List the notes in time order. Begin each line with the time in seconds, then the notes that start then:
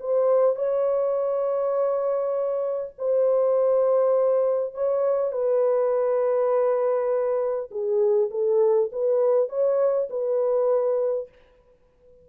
0.00 C5
0.56 C#5
2.98 C5
4.74 C#5
5.32 B4
7.71 G#4
8.31 A4
8.92 B4
9.49 C#5
10.10 B4